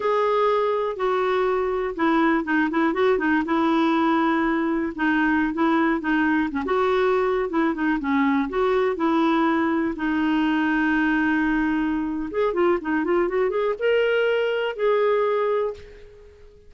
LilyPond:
\new Staff \with { instrumentName = "clarinet" } { \time 4/4 \tempo 4 = 122 gis'2 fis'2 | e'4 dis'8 e'8 fis'8 dis'8 e'4~ | e'2 dis'4~ dis'16 e'8.~ | e'16 dis'4 cis'16 fis'4.~ fis'16 e'8 dis'16~ |
dis'16 cis'4 fis'4 e'4.~ e'16~ | e'16 dis'2.~ dis'8.~ | dis'4 gis'8 f'8 dis'8 f'8 fis'8 gis'8 | ais'2 gis'2 | }